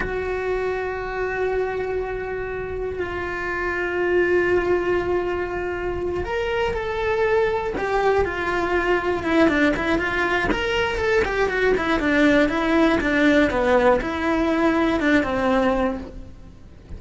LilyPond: \new Staff \with { instrumentName = "cello" } { \time 4/4 \tempo 4 = 120 fis'1~ | fis'2 f'2~ | f'1~ | f'8 ais'4 a'2 g'8~ |
g'8 f'2 e'8 d'8 e'8 | f'4 ais'4 a'8 g'8 fis'8 e'8 | d'4 e'4 d'4 b4 | e'2 d'8 c'4. | }